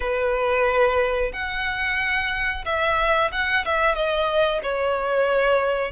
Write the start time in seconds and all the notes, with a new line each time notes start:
0.00 B4
1.32 F#5
2.65 E5
3.31 F#5
3.65 E5
3.95 D#5
4.62 C#5